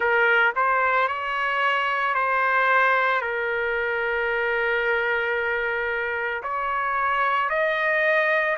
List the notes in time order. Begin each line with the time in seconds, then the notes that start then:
0.00 A#4
0.56 C5
1.08 C#5
2.14 C5
3.21 A#4
6.42 C#5
7.50 D#5